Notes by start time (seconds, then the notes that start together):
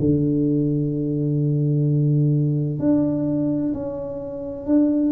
0.00 D3
2.80 D4
3.74 C#4
4.67 D4